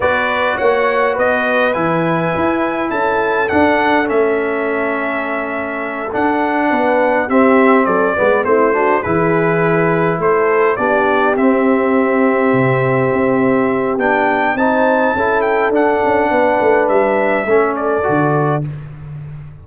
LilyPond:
<<
  \new Staff \with { instrumentName = "trumpet" } { \time 4/4 \tempo 4 = 103 d''4 fis''4 dis''4 gis''4~ | gis''4 a''4 fis''4 e''4~ | e''2~ e''8 fis''4.~ | fis''8 e''4 d''4 c''4 b'8~ |
b'4. c''4 d''4 e''8~ | e''1 | g''4 a''4. g''8 fis''4~ | fis''4 e''4. d''4. | }
  \new Staff \with { instrumentName = "horn" } { \time 4/4 b'4 cis''4 b'2~ | b'4 a'2.~ | a'2.~ a'8 b'8~ | b'8 g'4 a'8 b'8 e'8 fis'8 gis'8~ |
gis'4. a'4 g'4.~ | g'1~ | g'4 c''4 a'2 | b'2 a'2 | }
  \new Staff \with { instrumentName = "trombone" } { \time 4/4 fis'2. e'4~ | e'2 d'4 cis'4~ | cis'2~ cis'8 d'4.~ | d'8 c'4. b8 c'8 d'8 e'8~ |
e'2~ e'8 d'4 c'8~ | c'1 | d'4 dis'4 e'4 d'4~ | d'2 cis'4 fis'4 | }
  \new Staff \with { instrumentName = "tuba" } { \time 4/4 b4 ais4 b4 e4 | e'4 cis'4 d'4 a4~ | a2~ a8 d'4 b8~ | b8 c'4 fis8 gis8 a4 e8~ |
e4. a4 b4 c'8~ | c'4. c4 c'4. | b4 c'4 cis'4 d'8 cis'8 | b8 a8 g4 a4 d4 | }
>>